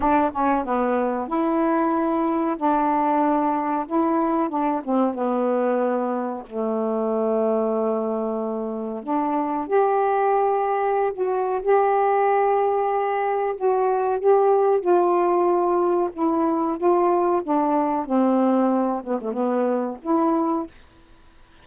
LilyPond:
\new Staff \with { instrumentName = "saxophone" } { \time 4/4 \tempo 4 = 93 d'8 cis'8 b4 e'2 | d'2 e'4 d'8 c'8 | b2 a2~ | a2 d'4 g'4~ |
g'4~ g'16 fis'8. g'2~ | g'4 fis'4 g'4 f'4~ | f'4 e'4 f'4 d'4 | c'4. b16 a16 b4 e'4 | }